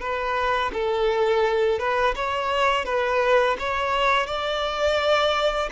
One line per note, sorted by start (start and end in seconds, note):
0.00 0.71 B4
0.73 1.79 A4
1.79 2.15 B4
2.15 2.85 C#5
2.85 3.56 B4
3.59 4.27 C#5
4.27 5.69 D5